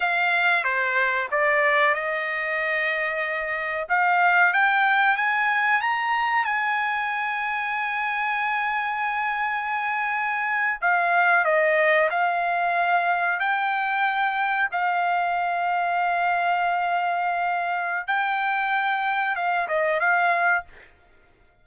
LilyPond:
\new Staff \with { instrumentName = "trumpet" } { \time 4/4 \tempo 4 = 93 f''4 c''4 d''4 dis''4~ | dis''2 f''4 g''4 | gis''4 ais''4 gis''2~ | gis''1~ |
gis''8. f''4 dis''4 f''4~ f''16~ | f''8. g''2 f''4~ f''16~ | f''1 | g''2 f''8 dis''8 f''4 | }